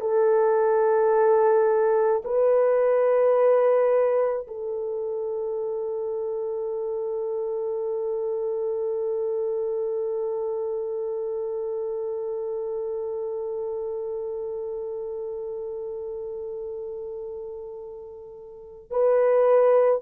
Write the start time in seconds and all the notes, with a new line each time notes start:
0.00 A4
2.24 B4
4.47 A4
18.90 B4